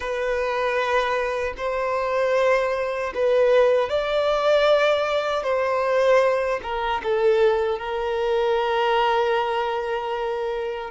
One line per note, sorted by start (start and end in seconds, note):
0.00 1.53 B4
1.57 3.13 C5
3.14 3.89 B4
3.89 5.43 D5
5.43 6.60 C5
6.62 7.01 A#4
7.03 7.79 A4
7.79 10.90 A#4